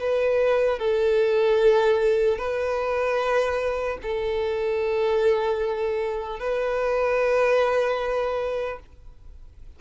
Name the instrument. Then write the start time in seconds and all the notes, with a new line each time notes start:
violin
0.00 B4
0.79 A4
2.38 B4
4.02 A4
6.40 B4